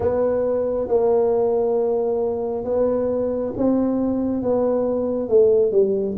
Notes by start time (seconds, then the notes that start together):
0.00 B3
0.87 A#3
2.64 B3
3.57 C4
4.42 B3
5.28 A3
5.72 G3